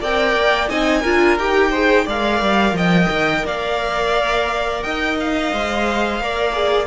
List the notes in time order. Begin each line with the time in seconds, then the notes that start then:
0.00 C4 A#4 D5 G5
0.36 A#3
0.69 C4 D#4 D#5 G#5
1.01 D4 F4 A#4
1.38 D#4 G4 G5
1.70 G#4 C5
2.05 G#3 A#4 D5 F5
2.41 G3
2.72 F3 D#5 G5
3.09 D#3
3.45 A#3 D5 F5
4.82 D#4 D#5 G5
5.20 F5
5.52 G#3 C5
6.20 A#3 A#4 D5
6.53 G#4